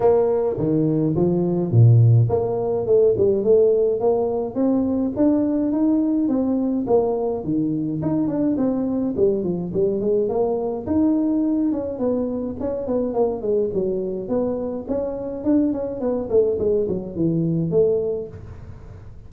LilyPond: \new Staff \with { instrumentName = "tuba" } { \time 4/4 \tempo 4 = 105 ais4 dis4 f4 ais,4 | ais4 a8 g8 a4 ais4 | c'4 d'4 dis'4 c'4 | ais4 dis4 dis'8 d'8 c'4 |
g8 f8 g8 gis8 ais4 dis'4~ | dis'8 cis'8 b4 cis'8 b8 ais8 gis8 | fis4 b4 cis'4 d'8 cis'8 | b8 a8 gis8 fis8 e4 a4 | }